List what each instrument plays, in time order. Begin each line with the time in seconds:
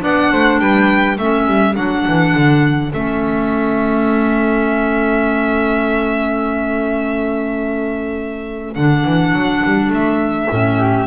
0.00 double bass B3, clarinet D4, flute D5, violin F#5
0.32 double bass A3, flute C5
0.59 double bass G3, flute B4, violin G5
1.17 double bass A3, clarinet C#4, flute A4, violin E5
1.47 double bass G3
1.75 double bass F#3, clarinet D4, violin F#5
2.08 double bass E3
2.35 double bass D3
2.94 double bass A3, clarinet C#4, violin E5
8.74 double bass D3, clarinet D4, violin F#5
9.05 double bass E3
9.33 double bass F#3
9.65 double bass G3
9.90 double bass A3, violin E5
10.49 double bass A2, clarinet C#4
10.78 flute G4